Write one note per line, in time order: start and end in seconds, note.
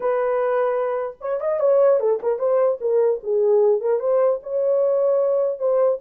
0.00 1.17 B4
1.21 1.40 C#5
1.40 1.59 D#5
1.59 1.99 C#5
2.00 2.20 A4
2.22 2.38 A#4
2.38 2.78 C5
2.81 3.21 A#4
3.23 3.81 G#4
3.81 3.99 A#4
3.99 4.39 C5
4.42 5.58 C#5
5.58 5.98 C5